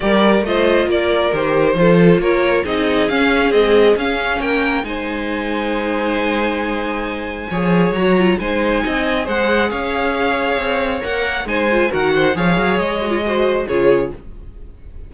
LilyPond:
<<
  \new Staff \with { instrumentName = "violin" } { \time 4/4 \tempo 4 = 136 d''4 dis''4 d''4 c''4~ | c''4 cis''4 dis''4 f''4 | dis''4 f''4 g''4 gis''4~ | gis''1~ |
gis''2 ais''4 gis''4~ | gis''4 fis''4 f''2~ | f''4 fis''4 gis''4 fis''4 | f''4 dis''2 cis''4 | }
  \new Staff \with { instrumentName = "violin" } { \time 4/4 ais'4 c''4 ais'2 | a'4 ais'4 gis'2~ | gis'2 ais'4 c''4~ | c''1~ |
c''4 cis''2 c''4 | dis''4 c''4 cis''2~ | cis''2 c''4 ais'8 c''8 | cis''2 c''4 gis'4 | }
  \new Staff \with { instrumentName = "viola" } { \time 4/4 g'4 f'2 g'4 | f'2 dis'4 cis'4 | gis4 cis'2 dis'4~ | dis'1~ |
dis'4 gis'4 fis'8 f'8 dis'4~ | dis'4 gis'2.~ | gis'4 ais'4 dis'8 f'8 fis'4 | gis'4. fis'16 f'16 fis'4 f'4 | }
  \new Staff \with { instrumentName = "cello" } { \time 4/4 g4 a4 ais4 dis4 | f4 ais4 c'4 cis'4 | c'4 cis'4 ais4 gis4~ | gis1~ |
gis4 f4 fis4 gis4 | c'4 gis4 cis'2 | c'4 ais4 gis4 dis4 | f8 fis8 gis2 cis4 | }
>>